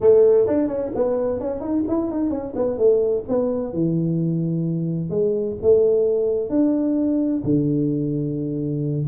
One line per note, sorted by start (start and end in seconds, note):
0.00 0.47 A3
0.47 0.67 D4
0.67 0.91 C#4
0.95 1.40 B3
1.40 1.60 C#4
1.60 1.83 D#4
1.88 2.11 E4
2.11 2.30 D#4
2.30 2.53 C#4
2.55 2.78 B3
2.78 3.24 A3
3.28 3.73 B3
3.73 5.10 E3
5.10 5.56 G#3
5.62 6.49 A3
6.49 7.42 D4
7.43 9.06 D3